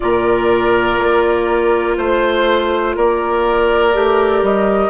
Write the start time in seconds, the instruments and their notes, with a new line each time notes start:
0.00 bassoon A#2, clarinet F4, oboe A#4, flute D5
0.98 bassoon A#3
1.97 bassoon A3, flute C5, oboe C5
2.96 bassoon A#3, oboe A#4, flute D5
3.93 bassoon A3, clarinet G4
4.42 bassoon G3, flute D#5